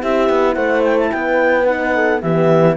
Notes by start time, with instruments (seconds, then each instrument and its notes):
0.00 cello C4, horn E4 G4, clarinet E5
0.29 cello B3
0.54 cello A3, horn C5, clarinet F#5
0.85 clarinet G5
0.99 clarinet A5
1.12 cello B3, horn B4, clarinet G5
1.66 horn D#4, clarinet F#5
1.95 horn A4
2.21 cello E3, horn B3 G4, clarinet E5